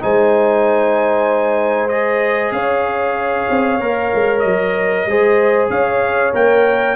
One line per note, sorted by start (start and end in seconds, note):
0.00 2.51 G#3
0.00 1.89 D#4
0.00 2.55 C5
0.00 1.89 G#5
1.89 3.80 G#4
1.89 2.52 D#5
2.51 3.46 C#4
2.51 5.08 C#5
2.51 4.39 F5
3.50 3.80 C4
3.80 4.11 A#3
3.80 5.07 A#4
4.14 4.44 G#3
4.39 5.06 F#3
4.39 5.66 D#5
5.06 5.69 G#3
5.06 6.33 G#4
5.06 5.71 C5
5.69 6.33 C#4
5.69 6.96 C#5
5.69 6.33 F5
6.33 6.96 A#3
6.33 6.96 A#4
6.33 6.96 G5